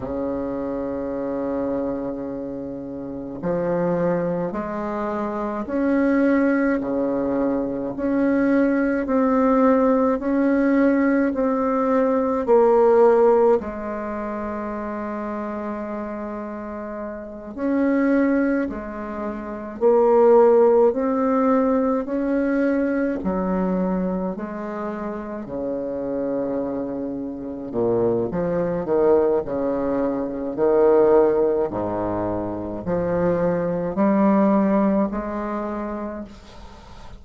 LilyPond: \new Staff \with { instrumentName = "bassoon" } { \time 4/4 \tempo 4 = 53 cis2. f4 | gis4 cis'4 cis4 cis'4 | c'4 cis'4 c'4 ais4 | gis2.~ gis8 cis'8~ |
cis'8 gis4 ais4 c'4 cis'8~ | cis'8 fis4 gis4 cis4.~ | cis8 ais,8 f8 dis8 cis4 dis4 | gis,4 f4 g4 gis4 | }